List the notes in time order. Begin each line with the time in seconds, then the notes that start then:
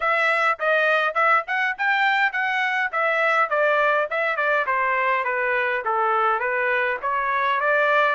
0.00 E5
0.59 D#5
1.14 E5
1.47 F#5
1.78 G5
2.32 F#5
2.92 E5
3.49 D5
4.10 E5
4.36 D5
4.66 C5
5.24 B4
5.84 A4
6.39 B4
7.02 C#5
7.60 D5